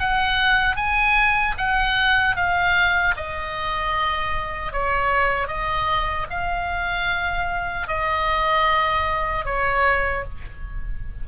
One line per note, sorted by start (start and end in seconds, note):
0.00 0.76 F#5
0.76 1.55 G#5
1.58 2.36 F#5
2.36 3.15 F5
3.17 4.73 D#5
4.73 5.48 C#5
5.48 6.27 D#5
6.31 7.88 F5
7.88 9.46 D#5
9.46 10.25 C#5